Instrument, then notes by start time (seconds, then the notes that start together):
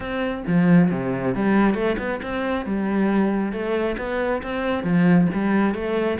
cello
0.00 C4
0.47 F3
0.91 C3
1.34 G3
1.74 A3
1.98 B3
2.22 C4
2.65 G3
3.52 A3
3.97 B3
4.42 C4
4.83 F3
5.33 G3
5.74 A3